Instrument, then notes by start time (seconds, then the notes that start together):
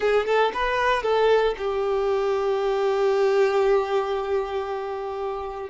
violin
0.00 G#4
0.26 A4
0.53 B4
1.03 A4
1.58 G4